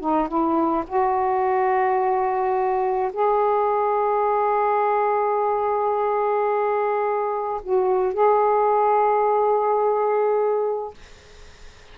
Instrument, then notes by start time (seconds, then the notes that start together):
saxophone
0.00 D#4
0.28 E4
0.87 F#4
3.13 G#4
7.63 F#4
8.14 G#4